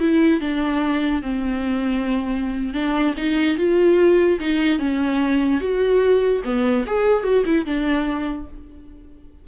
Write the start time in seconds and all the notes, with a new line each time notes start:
0.00 E4
0.41 D4
1.22 C4
2.74 D4
3.17 D#4
3.58 F4
4.40 D#4
4.79 C#4
5.61 F#4
6.45 B3
6.87 G#4
7.24 F#4
7.46 E4
7.66 D4